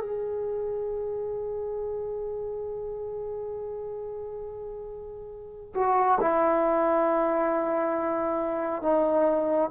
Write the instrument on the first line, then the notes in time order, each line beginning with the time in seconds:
trombone
0.00 G#4
5.74 F#4
6.20 E4
8.82 D#4